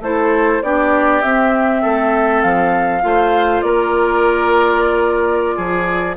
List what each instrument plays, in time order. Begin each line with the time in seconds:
0.00 bassoon A3, clarinet E4, oboe A4, flute C5
0.62 bassoon B3, clarinet D4, oboe G4, flute D5
1.22 clarinet C4, bassoon C4, flute E5
1.82 bassoon A3, oboe A4
2.41 bassoon F3, flute F5
3.01 bassoon A3, clarinet F4, oboe C5
3.61 bassoon A#3, oboe A#4, flute D5
5.56 bassoon F3, oboe G#4